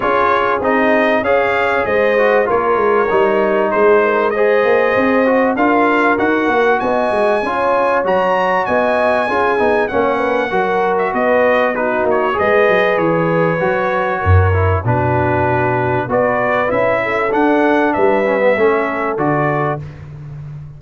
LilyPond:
<<
  \new Staff \with { instrumentName = "trumpet" } { \time 4/4 \tempo 4 = 97 cis''4 dis''4 f''4 dis''4 | cis''2 c''4 dis''4~ | dis''4 f''4 fis''4 gis''4~ | gis''4 ais''4 gis''2 |
fis''4.~ fis''16 e''16 dis''4 b'8 cis''8 | dis''4 cis''2. | b'2 d''4 e''4 | fis''4 e''2 d''4 | }
  \new Staff \with { instrumentName = "horn" } { \time 4/4 gis'2 cis''4 c''4 | ais'2 gis'8 ais'8 c''4~ | c''4 ais'2 dis''4 | cis''2 dis''4 gis'4 |
cis''8 b'8 ais'4 b'4 fis'4 | b'2. ais'4 | fis'2 b'4. a'8~ | a'4 b'4 a'2 | }
  \new Staff \with { instrumentName = "trombone" } { \time 4/4 f'4 dis'4 gis'4. fis'8 | f'4 dis'2 gis'4~ | gis'8 fis'8 f'4 fis'2 | f'4 fis'2 f'8 dis'8 |
cis'4 fis'2 dis'4 | gis'2 fis'4. e'8 | d'2 fis'4 e'4 | d'4. cis'16 b16 cis'4 fis'4 | }
  \new Staff \with { instrumentName = "tuba" } { \time 4/4 cis'4 c'4 cis'4 gis4 | ais8 gis8 g4 gis4. ais8 | c'4 d'4 dis'8 ais8 b8 gis8 | cis'4 fis4 b4 cis'8 b8 |
ais4 fis4 b4. ais8 | gis8 fis8 e4 fis4 fis,4 | b,2 b4 cis'4 | d'4 g4 a4 d4 | }
>>